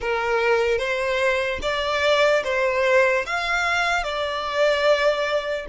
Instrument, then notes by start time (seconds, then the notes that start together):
violin
0.00 A#4
0.78 C5
1.62 D5
2.44 C5
3.26 F5
4.03 D5